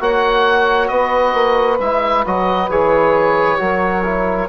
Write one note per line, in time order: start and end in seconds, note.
0.00 0.89 A#3
0.00 1.79 F#4
0.00 0.90 C#5
0.00 0.88 F#5
0.88 1.34 B3
0.88 3.58 B4
0.88 1.77 D#5
1.34 1.78 A#3
1.80 2.24 G#3
1.80 2.25 E4
1.80 2.25 E5
2.25 2.69 F#3
2.25 2.70 F#4
2.25 2.70 D#5
2.69 3.59 E3
2.69 3.58 G#4
2.69 4.49 C#5
3.58 4.49 F#3
3.58 4.03 F#4
3.58 4.49 A#4
4.04 4.49 E4